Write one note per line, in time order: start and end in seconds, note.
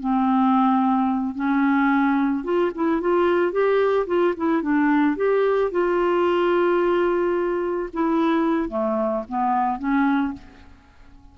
0.00 1.35 C4
1.35 2.44 C#4
2.44 2.71 F4
2.75 3.01 E4
3.01 3.52 F4
3.52 4.06 G4
4.07 4.34 F4
4.37 4.62 E4
4.62 5.16 D4
5.16 5.71 G4
5.71 7.89 F4
7.93 8.69 E4
8.69 9.24 A3
9.29 9.79 B3
9.79 10.33 C#4